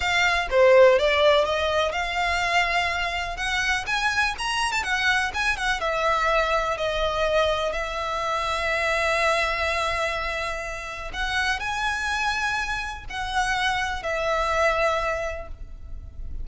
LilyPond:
\new Staff \with { instrumentName = "violin" } { \time 4/4 \tempo 4 = 124 f''4 c''4 d''4 dis''4 | f''2. fis''4 | gis''4 ais''8. a''16 fis''4 gis''8 fis''8 | e''2 dis''2 |
e''1~ | e''2. fis''4 | gis''2. fis''4~ | fis''4 e''2. | }